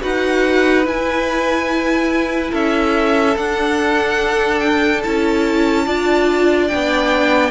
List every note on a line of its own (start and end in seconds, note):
0.00 0.86 D#4
0.00 0.83 F#4
0.00 2.51 B4
0.00 0.86 F#5
0.85 3.35 E4
0.85 2.53 E4
0.85 2.53 G#5
2.51 3.36 C#4
2.51 5.84 A4
2.51 3.37 E5
3.36 5.03 D4
3.36 4.59 F#5
4.59 5.01 G5
5.03 5.87 C#4
5.03 5.86 E4
5.03 6.67 A5
5.86 6.71 D4
5.86 6.70 F4
5.86 7.51 D5
6.67 7.51 D4
6.67 7.51 G5
6.74 7.51 B3